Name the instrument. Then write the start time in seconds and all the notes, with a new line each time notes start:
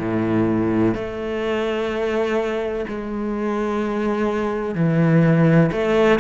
cello
0.00 A2
0.95 A3
2.88 G#3
4.76 E3
5.72 A3